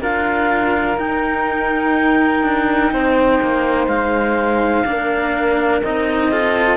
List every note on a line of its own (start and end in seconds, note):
0.00 0.97 D4
0.00 0.98 F4
0.00 2.91 A#4
0.00 0.98 F5
0.98 2.43 D#4
0.98 4.85 D#4
0.98 3.87 G5
2.43 2.91 D4
2.92 3.40 C4
2.92 4.86 C5
3.42 3.87 A#3
3.87 4.84 G#3
3.87 5.81 F5
4.85 5.82 A#3
4.85 5.82 D4
4.85 6.31 A#4
5.82 6.77 C4
5.82 6.31 D#4
5.82 6.77 D#5
6.31 6.77 F4
6.31 6.77 A4